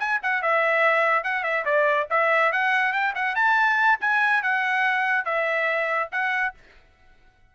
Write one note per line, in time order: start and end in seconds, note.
0.00 0.21 G#5
0.23 0.43 F#5
0.43 1.24 E5
1.24 1.44 F#5
1.44 1.65 E5
1.66 2.08 D5
2.11 2.53 E5
2.53 2.93 F#5
2.93 3.14 G5
3.16 3.36 F#5
3.36 3.99 A5
4.01 4.43 G#5
4.43 5.25 F#5
5.25 6.10 E5
6.12 6.55 F#5